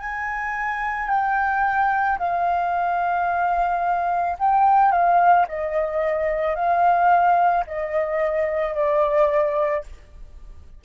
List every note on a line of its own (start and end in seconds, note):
0.00 1.09 G#5
1.09 2.18 G5
2.19 4.37 F5
4.39 4.91 G5
4.91 5.46 F5
5.48 6.55 D#5
6.55 7.64 F5
7.67 8.74 D#5
8.74 9.83 D5